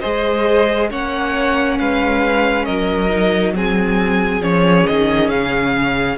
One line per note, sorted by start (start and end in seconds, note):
0.00 0.91 G#3
0.00 0.90 G#4
0.00 0.89 C5
0.00 0.88 D#5
0.90 1.79 A#3
0.90 3.09 C#4
0.90 1.78 C#5
0.90 1.78 F#5
1.78 2.67 G#3
1.78 2.65 B4
1.78 2.65 F5
2.65 4.40 F#3
2.65 3.53 A#4
2.65 3.53 D#5
3.09 3.53 D#4
3.54 4.41 C4
3.54 6.17 G#4
3.54 4.42 G#5
4.40 4.85 F3
4.40 6.17 C#4
4.40 4.86 C#5
4.87 5.31 D#3
4.87 5.29 D#5
5.29 6.17 C#3
5.29 6.17 F5